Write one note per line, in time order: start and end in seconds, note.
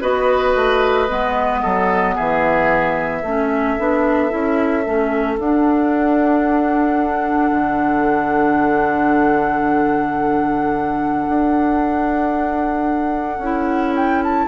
0.00 0.55 B3
0.00 1.07 F#4
0.00 1.61 B4
0.00 2.15 D#5
0.55 1.08 A3
1.08 1.63 G#3
1.08 3.23 B3
1.62 2.17 F#3
1.62 2.15 A4
2.15 3.23 E3
2.15 3.22 G#4
2.15 5.38 E5
3.22 3.77 A3
3.22 3.79 C#4
3.22 14.47 A4
3.79 4.32 B3
3.79 4.29 D4
4.29 4.86 C#4
4.29 4.83 E4
4.84 5.38 A3
4.84 5.38 C#4
5.38 7.51 D4
5.38 13.42 D4
5.38 13.95 F#5
7.51 11.26 D3
11.29 13.38 D4
13.38 14.45 C#4
13.38 14.48 E4
13.95 14.22 G5
14.23 14.48 A5